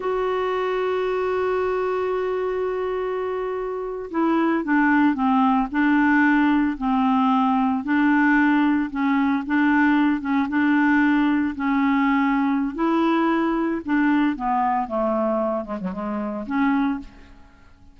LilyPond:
\new Staff \with { instrumentName = "clarinet" } { \time 4/4 \tempo 4 = 113 fis'1~ | fis'2.~ fis'8. e'16~ | e'8. d'4 c'4 d'4~ d'16~ | d'8. c'2 d'4~ d'16~ |
d'8. cis'4 d'4. cis'8 d'16~ | d'4.~ d'16 cis'2~ cis'16 | e'2 d'4 b4 | a4. gis16 fis16 gis4 cis'4 | }